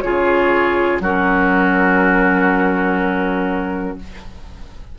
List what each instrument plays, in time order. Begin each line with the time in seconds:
0.00 bassoon C#3, clarinet F4, oboe G#4, flute C#5
1.00 bassoon F#3, clarinet C#4, oboe F#4, flute A#4